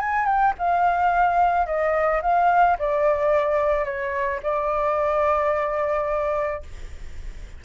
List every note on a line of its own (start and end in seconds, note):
0.00 0.26 G#5
0.26 0.53 G5
0.59 1.66 F5
1.66 2.21 D#5
2.22 2.77 F5
2.79 3.85 D5
3.85 4.40 C#5
4.43 6.63 D5